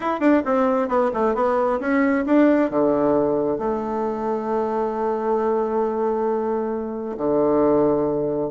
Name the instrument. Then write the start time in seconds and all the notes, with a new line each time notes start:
bassoon
0.00 E4
0.20 D4
0.45 C4
0.88 B3
1.13 A3
1.34 B3
1.80 C#4
2.26 D4
2.70 D3
3.58 A3
7.17 D3